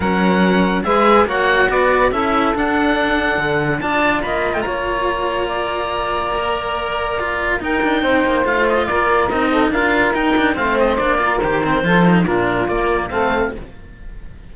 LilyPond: <<
  \new Staff \with { instrumentName = "oboe" } { \time 4/4 \tempo 4 = 142 fis''2 e''4 fis''4 | d''4 e''4 fis''2~ | fis''4 a''4 b''8. g''16 ais''4~ | ais''1~ |
ais''2 g''2 | f''8 dis''8 d''4 dis''4 f''4 | g''4 f''8 dis''8 d''4 c''4~ | c''4 ais'4 d''4 f''4 | }
  \new Staff \with { instrumentName = "saxophone" } { \time 4/4 ais'2 b'4 cis''4 | b'4 a'2.~ | a'4 d''4 dis''4 cis''4~ | cis''4 d''2.~ |
d''2 ais'4 c''4~ | c''4 ais'4. a'8 ais'4~ | ais'4 c''4. ais'4. | a'4 f'2 a'4 | }
  \new Staff \with { instrumentName = "cello" } { \time 4/4 cis'2 gis'4 fis'4~ | fis'4 e'4 d'2~ | d'4 f'2.~ | f'2. ais'4~ |
ais'4 f'4 dis'2 | f'2 dis'4 f'4 | dis'8 d'8 c'4 d'8 f'8 g'8 c'8 | f'8 dis'8 d'4 ais4 c'4 | }
  \new Staff \with { instrumentName = "cello" } { \time 4/4 fis2 gis4 ais4 | b4 cis'4 d'2 | d4 d'4 ais8. a16 ais4~ | ais1~ |
ais2 dis'8 d'8 c'8 ais8 | a4 ais4 c'4 d'4 | dis'4 a4 ais4 dis4 | f4 ais,4 ais4 a4 | }
>>